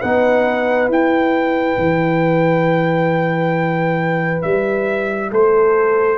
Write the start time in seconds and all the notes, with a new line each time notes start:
0.00 B3 D#4 B4 F#5
0.89 E4 G5
1.77 E3
4.42 G3 E5
5.31 A3 A4 C5